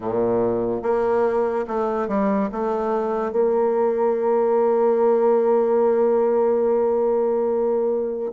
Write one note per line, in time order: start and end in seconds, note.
0.00 0.82 A#2
0.82 1.65 A#3
1.67 2.08 A3
2.08 2.49 G3
2.52 3.31 A3
3.31 8.31 A#3